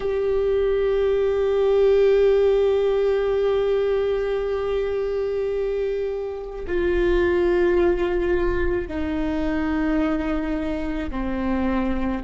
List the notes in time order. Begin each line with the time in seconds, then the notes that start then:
0.00 G4
6.67 F4
8.87 D#4
11.10 C4